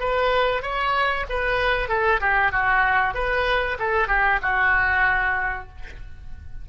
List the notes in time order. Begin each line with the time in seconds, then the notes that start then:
0.00 B4
0.63 C#5
1.29 B4
1.89 A4
2.21 G4
2.52 F#4
3.14 B4
3.79 A4
4.08 G4
4.42 F#4